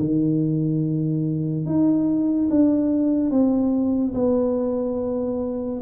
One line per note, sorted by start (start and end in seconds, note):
0.00 1.66 D#3
1.66 2.49 D#4
2.50 3.30 D4
3.30 4.14 C4
4.14 5.81 B3